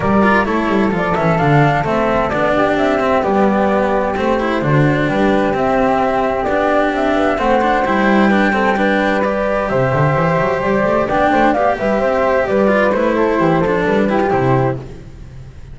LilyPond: <<
  \new Staff \with { instrumentName = "flute" } { \time 4/4 \tempo 4 = 130 d''4 cis''4 d''8 e''8 f''4 | e''4 d''4 e''4 d''4~ | d''4 c''2 b'4 | e''2 d''4 e''4 |
fis''4 g''2. | d''4 e''2 d''4 | g''4 f''8 e''4. d''4 | c''2 b'4 c''4 | }
  \new Staff \with { instrumentName = "flute" } { \time 4/4 ais'4 a'2.~ | a'4. g'2~ g'8~ | g'2 fis'4 g'4~ | g'1 |
c''2 b'8 a'8 b'4~ | b'4 c''2. | d''8 c''8 d''8 b'8 c''4 b'4~ | b'8 a'8 g'8 a'4 g'4. | }
  \new Staff \with { instrumentName = "cello" } { \time 4/4 g'8 f'8 e'4 f'8 cis'8 d'4 | c'4 d'4. c'8 b4~ | b4 c'8 e'8 d'2 | c'2 d'2 |
c'8 d'8 e'4 d'8 c'8 d'4 | g'1 | d'4 g'2~ g'8 f'8 | e'4. d'4 e'16 f'16 e'4 | }
  \new Staff \with { instrumentName = "double bass" } { \time 4/4 g4 a8 g8 f8 e8 d4 | a4 b4 c'4 g4~ | g4 a4 d4 g4 | c'2 b4 c'8 b8 |
a4 g2.~ | g4 c8 d8 e8 fis8 g8 a8 | b8 a8 b8 g8 c'4 g4 | a4 e8 f8 g4 c4 | }
>>